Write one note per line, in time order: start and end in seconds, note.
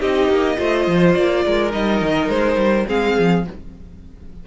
0.00 0.29 C4
0.00 0.57 D#4
0.00 0.57 G4
0.00 1.15 D#5
0.29 0.58 A#3
0.57 0.87 A3
0.57 1.70 F4
0.57 1.44 C5
0.87 1.16 F3
1.15 1.45 A#3
1.15 1.72 D5
1.45 1.74 G#3
1.45 2.87 A#4
1.70 2.02 G3
1.70 2.85 D#4
1.70 2.29 D#5
2.02 2.28 D#3
2.28 2.56 G#3
2.28 2.86 C5
2.56 2.85 G3
2.86 3.18 G#3
2.86 3.43 C4
2.86 3.44 G#4
2.86 3.46 F5
3.19 3.47 F3